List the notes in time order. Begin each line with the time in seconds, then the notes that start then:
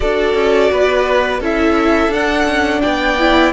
0.00 D4 F#4 A4 D5
0.34 C#4
0.71 B3 B4
1.40 C#4 E4 A4 E5
2.08 D4 F#5
2.44 C#4
2.81 B3 D5 G5
3.19 E4